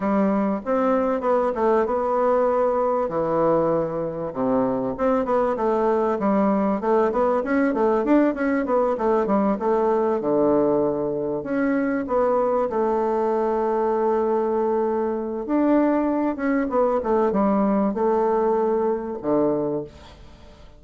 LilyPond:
\new Staff \with { instrumentName = "bassoon" } { \time 4/4 \tempo 4 = 97 g4 c'4 b8 a8 b4~ | b4 e2 c4 | c'8 b8 a4 g4 a8 b8 | cis'8 a8 d'8 cis'8 b8 a8 g8 a8~ |
a8 d2 cis'4 b8~ | b8 a2.~ a8~ | a4 d'4. cis'8 b8 a8 | g4 a2 d4 | }